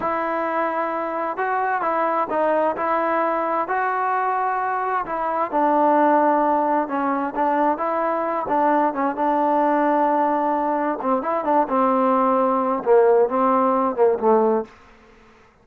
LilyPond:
\new Staff \with { instrumentName = "trombone" } { \time 4/4 \tempo 4 = 131 e'2. fis'4 | e'4 dis'4 e'2 | fis'2. e'4 | d'2. cis'4 |
d'4 e'4. d'4 cis'8 | d'1 | c'8 e'8 d'8 c'2~ c'8 | ais4 c'4. ais8 a4 | }